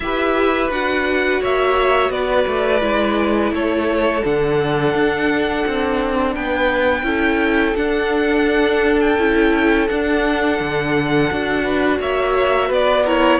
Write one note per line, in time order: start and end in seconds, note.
0.00 0.70 E4
0.00 0.70 G4
0.00 1.40 B4
0.00 0.70 E5
0.70 1.40 D4
0.70 2.80 F#4
0.70 1.42 F#5
1.40 2.09 A#3
1.40 2.11 C#5
1.40 2.11 E5
2.09 2.45 B3
2.09 3.52 B4
2.09 3.52 D5
2.47 2.82 A3
2.80 3.52 G#3
2.80 4.21 E4
3.52 4.22 A3
3.52 6.34 A4
3.52 4.24 C#5
4.23 4.94 D3
4.23 7.03 D4
4.23 6.35 F#5
4.94 5.65 D4
5.66 6.36 C4
6.34 7.02 B3
6.34 7.05 B4
6.34 7.76 G5
7.02 7.73 C#4
7.02 7.74 E4
7.02 11.63 A4
7.75 9.17 D4
7.75 9.18 D4
7.75 8.99 F#5
9.00 9.87 G5
9.18 9.88 C#4
9.18 9.88 E4
9.87 11.29 D4
9.87 10.60 D4
9.87 11.99 F#5
10.60 11.31 D3
11.31 11.99 D4
11.31 13.06 F#4
11.63 11.98 B4
11.99 12.70 A#3
11.99 12.67 C#5
11.99 12.72 E5
12.67 13.39 B3
12.67 13.03 B4
12.67 13.06 D5
13.05 13.39 E4
13.05 13.39 A#4
13.05 13.39 C#5